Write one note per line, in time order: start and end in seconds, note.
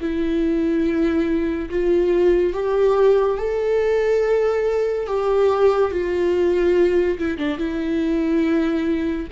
0.00 1.69 E4
1.69 2.53 F4
2.53 3.37 G4
3.37 5.06 A4
5.06 5.91 G4
5.91 7.18 F4
7.18 7.37 E4
7.37 7.57 D4
7.57 9.27 E4